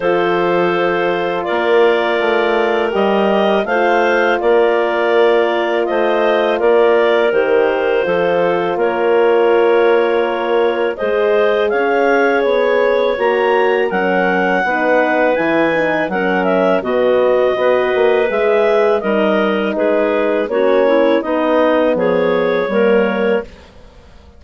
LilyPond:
<<
  \new Staff \with { instrumentName = "clarinet" } { \time 4/4 \tempo 4 = 82 c''2 d''2 | dis''4 f''4 d''2 | dis''4 d''4 c''2 | cis''2. dis''4 |
f''4 cis''4 ais''4 fis''4~ | fis''4 gis''4 fis''8 e''8 dis''4~ | dis''4 e''4 dis''4 b'4 | cis''4 dis''4 cis''2 | }
  \new Staff \with { instrumentName = "clarinet" } { \time 4/4 a'2 ais'2~ | ais'4 c''4 ais'2 | c''4 ais'2 a'4 | ais'2. c''4 |
cis''2. ais'4 | b'2 ais'4 fis'4 | b'2 ais'4 gis'4 | fis'8 e'8 dis'4 gis'4 ais'4 | }
  \new Staff \with { instrumentName = "horn" } { \time 4/4 f'1 | g'4 f'2.~ | f'2 g'4 f'4~ | f'2. gis'4~ |
gis'2 fis'4 cis'4 | dis'4 e'8 dis'8 cis'4 b4 | fis'4 gis'4 dis'2 | cis'4 b2 ais4 | }
  \new Staff \with { instrumentName = "bassoon" } { \time 4/4 f2 ais4 a4 | g4 a4 ais2 | a4 ais4 dis4 f4 | ais2. gis4 |
cis'4 b4 ais4 fis4 | b4 e4 fis4 b,4 | b8 ais8 gis4 g4 gis4 | ais4 b4 f4 g4 | }
>>